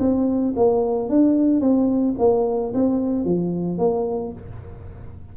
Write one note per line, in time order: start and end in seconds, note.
0.00 0.55 C4
0.57 1.10 A#3
1.10 1.61 D4
1.61 2.15 C4
2.19 2.74 A#3
2.74 3.26 C4
3.26 3.78 F3
3.78 4.33 A#3